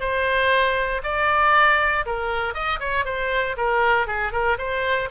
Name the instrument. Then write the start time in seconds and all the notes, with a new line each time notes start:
oboe
0.00 C5
1.04 D5
2.06 A#4
2.54 D#5
2.80 C#5
3.05 C5
3.57 A#4
4.07 G#4
4.32 A#4
4.58 C5